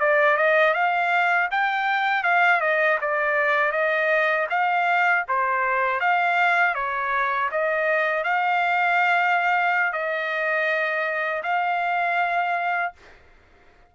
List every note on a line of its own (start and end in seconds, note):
0.00 0.38 D5
0.38 0.74 D#5
0.74 1.49 F5
1.51 2.24 G5
2.24 2.61 F5
2.61 2.98 D#5
3.01 3.72 D5
3.72 4.47 D#5
4.50 5.25 F5
5.28 6.01 C5
6.01 6.75 F5
6.75 7.50 C#5
7.52 8.24 D#5
8.24 9.93 F5
9.93 11.43 D#5
11.43 12.93 F5